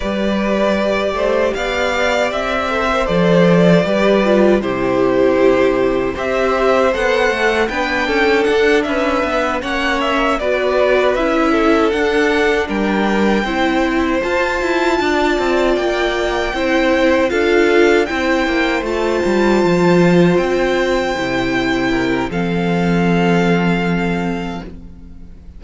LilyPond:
<<
  \new Staff \with { instrumentName = "violin" } { \time 4/4 \tempo 4 = 78 d''2 f''4 e''4 | d''2 c''2 | e''4 fis''4 g''4 fis''8 e''8~ | e''8 fis''8 e''8 d''4 e''4 fis''8~ |
fis''8 g''2 a''4.~ | a''8 g''2 f''4 g''8~ | g''8 a''2 g''4.~ | g''4 f''2. | }
  \new Staff \with { instrumentName = "violin" } { \time 4/4 b'4. c''8 d''4. c''8~ | c''4 b'4 g'2 | c''2 b'8 a'4 b'8~ | b'8 cis''4 b'4. a'4~ |
a'8 ais'4 c''2 d''8~ | d''4. c''4 a'4 c''8~ | c''1~ | c''8 ais'8 a'2. | }
  \new Staff \with { instrumentName = "viola" } { \time 4/4 g'2.~ g'8 a'16 ais'16 | a'4 g'8 f'8 e'2 | g'4 a'4 d'2~ | d'8 cis'4 fis'4 e'4 d'8~ |
d'4. e'4 f'4.~ | f'4. e'4 f'4 e'8~ | e'8 f'2. e'8~ | e'4 c'2. | }
  \new Staff \with { instrumentName = "cello" } { \time 4/4 g4. a8 b4 c'4 | f4 g4 c2 | c'4 b8 a8 b8 cis'8 d'8 cis'8 | b8 ais4 b4 cis'4 d'8~ |
d'8 g4 c'4 f'8 e'8 d'8 | c'8 ais4 c'4 d'4 c'8 | ais8 a8 g8 f4 c'4 c8~ | c4 f2. | }
>>